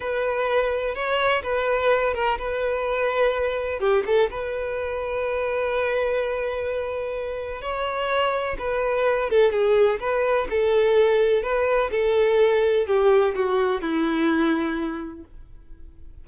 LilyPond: \new Staff \with { instrumentName = "violin" } { \time 4/4 \tempo 4 = 126 b'2 cis''4 b'4~ | b'8 ais'8 b'2. | g'8 a'8 b'2.~ | b'1 |
cis''2 b'4. a'8 | gis'4 b'4 a'2 | b'4 a'2 g'4 | fis'4 e'2. | }